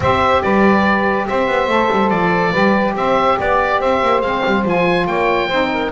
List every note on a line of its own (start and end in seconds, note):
0.00 0.42 C4
0.00 1.68 G4
0.00 0.43 C5
0.00 0.42 E5
0.42 1.28 G3
0.42 1.27 B4
0.42 1.26 D5
1.26 1.47 C4
1.26 2.51 C5
1.26 2.09 E5
1.47 1.67 B3
1.67 1.88 A3
1.67 2.53 A4
1.91 2.10 G3
2.09 2.53 F3
2.09 2.94 D5
2.51 2.95 G3
2.51 4.22 G4
2.51 2.93 B4
2.95 3.37 C4
2.95 3.38 C5
2.95 3.39 E5
3.38 3.80 B3
3.38 3.79 D5
3.38 3.81 D5
3.79 4.01 C4
3.79 5.06 C5
3.79 4.21 E5
4.01 4.21 A#3
4.21 4.42 G#3
4.21 4.64 C4
4.21 4.63 F5
4.45 4.65 G3
4.64 5.06 F3
4.64 5.49 F4
4.64 5.07 G#5
5.06 5.49 A#3
5.06 5.47 C#5
5.06 5.91 G5
5.47 5.91 C4
5.47 5.92 D#4
5.47 5.68 C5
5.72 5.92 A#4